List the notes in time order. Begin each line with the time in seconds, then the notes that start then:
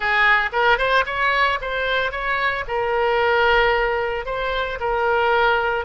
0.00 G#4
0.52 A#4
0.77 C5
1.05 C#5
1.61 C5
2.11 C#5
2.67 A#4
4.25 C5
4.80 A#4